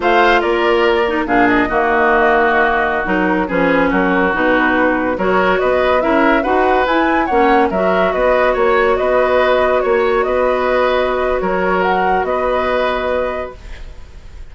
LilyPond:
<<
  \new Staff \with { instrumentName = "flute" } { \time 4/4 \tempo 4 = 142 f''4 d''2 f''8 dis''8~ | dis''2.~ dis''16 ais'8.~ | ais'16 b'4 ais'4 b'4.~ b'16~ | b'16 cis''4 dis''4 e''4 fis''8.~ |
fis''16 gis''4 fis''4 e''4 dis''8.~ | dis''16 cis''4 dis''2 cis''8.~ | cis''16 dis''2~ dis''8. cis''4 | fis''4 dis''2. | }
  \new Staff \with { instrumentName = "oboe" } { \time 4/4 c''4 ais'2 gis'4 | fis'1~ | fis'16 gis'4 fis'2~ fis'8.~ | fis'16 ais'4 b'4 ais'4 b'8.~ |
b'4~ b'16 cis''4 ais'4 b'8.~ | b'16 cis''4 b'2 cis''8.~ | cis''16 b'2~ b'8. ais'4~ | ais'4 b'2. | }
  \new Staff \with { instrumentName = "clarinet" } { \time 4/4 f'2~ f'8 dis'8 d'4 | ais2.~ ais16 dis'8.~ | dis'16 cis'2 dis'4.~ dis'16~ | dis'16 fis'2 e'4 fis'8.~ |
fis'16 e'4 cis'4 fis'4.~ fis'16~ | fis'1~ | fis'1~ | fis'1 | }
  \new Staff \with { instrumentName = "bassoon" } { \time 4/4 a4 ais2 ais,4 | dis2.~ dis16 fis8.~ | fis16 f4 fis4 b,4.~ b,16~ | b,16 fis4 b4 cis'4 dis'8.~ |
dis'16 e'4 ais4 fis4 b8.~ | b16 ais4 b2 ais8.~ | ais16 b2~ b8. fis4~ | fis4 b2. | }
>>